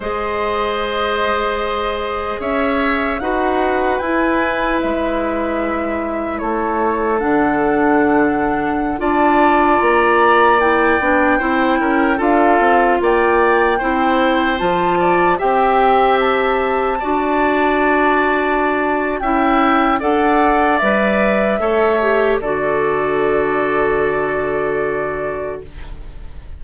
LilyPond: <<
  \new Staff \with { instrumentName = "flute" } { \time 4/4 \tempo 4 = 75 dis''2. e''4 | fis''4 gis''4 e''2 | cis''4 fis''2~ fis''16 a''8.~ | a''16 ais''4 g''2 f''8.~ |
f''16 g''2 a''4 g''8.~ | g''16 a''2.~ a''8. | g''4 fis''4 e''2 | d''1 | }
  \new Staff \with { instrumentName = "oboe" } { \time 4/4 c''2. cis''4 | b'1 | a'2.~ a'16 d''8.~ | d''2~ d''16 c''8 ais'8 a'8.~ |
a'16 d''4 c''4. d''8 e''8.~ | e''4~ e''16 d''2~ d''8. | e''4 d''2 cis''4 | a'1 | }
  \new Staff \with { instrumentName = "clarinet" } { \time 4/4 gis'1 | fis'4 e'2.~ | e'4 d'2~ d'16 f'8.~ | f'4~ f'16 e'8 d'8 e'4 f'8.~ |
f'4~ f'16 e'4 f'4 g'8.~ | g'4~ g'16 fis'2~ fis'8. | e'4 a'4 b'4 a'8 g'8 | fis'1 | }
  \new Staff \with { instrumentName = "bassoon" } { \time 4/4 gis2. cis'4 | dis'4 e'4 gis2 | a4 d2~ d16 d'8.~ | d'16 ais4. b8 c'8 cis'8 d'8 c'16~ |
c'16 ais4 c'4 f4 c'8.~ | c'4~ c'16 d'2~ d'8. | cis'4 d'4 g4 a4 | d1 | }
>>